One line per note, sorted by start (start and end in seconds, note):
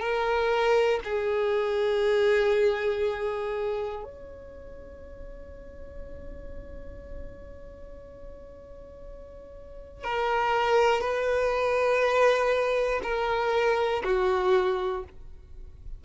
0.00 1.00 A#4
1.04 4.04 G#4
4.04 10.04 C#5
10.04 11.01 A#4
11.01 13.01 B4
13.04 14.04 A#4
14.04 15.04 F#4